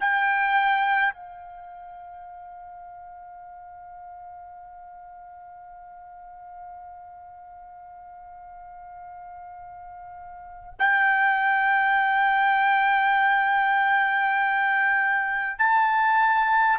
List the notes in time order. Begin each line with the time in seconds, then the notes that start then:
0.00 G5
1.13 F5
10.79 G5
15.58 A5